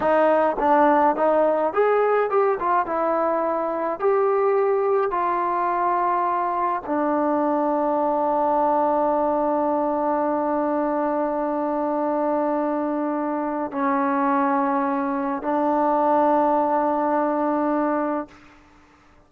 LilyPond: \new Staff \with { instrumentName = "trombone" } { \time 4/4 \tempo 4 = 105 dis'4 d'4 dis'4 gis'4 | g'8 f'8 e'2 g'4~ | g'4 f'2. | d'1~ |
d'1~ | d'1 | cis'2. d'4~ | d'1 | }